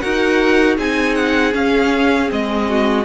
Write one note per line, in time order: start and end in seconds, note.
0.00 0.78 D#4
0.00 0.78 F#4
0.00 0.77 A#4
0.00 0.76 F#5
0.77 1.54 C4
0.77 1.52 D#4
0.77 2.67 G#4
0.77 1.15 G#5
1.15 1.53 F#5
1.52 2.27 C#4
1.52 2.31 C#4
1.52 2.31 F5
2.27 3.05 G#3
2.27 3.03 C4
2.27 3.05 D#5
2.69 3.05 F#4